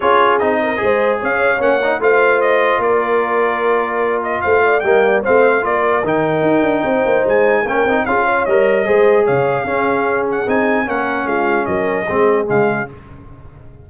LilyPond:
<<
  \new Staff \with { instrumentName = "trumpet" } { \time 4/4 \tempo 4 = 149 cis''4 dis''2 f''4 | fis''4 f''4 dis''4 d''4~ | d''2~ d''8 dis''8 f''4 | g''4 f''4 d''4 g''4~ |
g''2 gis''4 g''4 | f''4 dis''2 f''4~ | f''4. fis''8 gis''4 fis''4 | f''4 dis''2 f''4 | }
  \new Staff \with { instrumentName = "horn" } { \time 4/4 gis'4. ais'8 c''4 cis''4~ | cis''4 c''2 ais'4~ | ais'2. c''8 d''8 | dis''8 d''8 c''4 ais'2~ |
ais'4 c''2 ais'4 | gis'8 cis''4. c''4 cis''4 | gis'2. ais'4 | f'4 ais'4 gis'2 | }
  \new Staff \with { instrumentName = "trombone" } { \time 4/4 f'4 dis'4 gis'2 | cis'8 dis'8 f'2.~ | f'1 | ais4 c'4 f'4 dis'4~ |
dis'2. cis'8 dis'8 | f'4 ais'4 gis'2 | cis'2 dis'4 cis'4~ | cis'2 c'4 gis4 | }
  \new Staff \with { instrumentName = "tuba" } { \time 4/4 cis'4 c'4 gis4 cis'4 | ais4 a2 ais4~ | ais2. a4 | g4 a4 ais4 dis4 |
dis'8 d'8 c'8 ais8 gis4 ais8 c'8 | cis'4 g4 gis4 cis4 | cis'2 c'4 ais4 | gis4 fis4 gis4 cis4 | }
>>